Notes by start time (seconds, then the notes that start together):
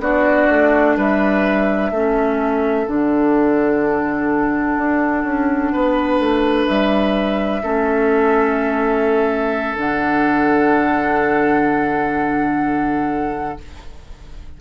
0.00 B3 D4 F#4 D5
0.50 A3
0.97 G3 B4 E5
1.91 A3 C#4 A4
2.87 D3 D4 F#5
4.78 D4
5.24 C#4
5.73 B3 B4
6.20 A3
6.67 G3 E5
7.63 A3 C#4 A4
9.76 D3 D4 F#5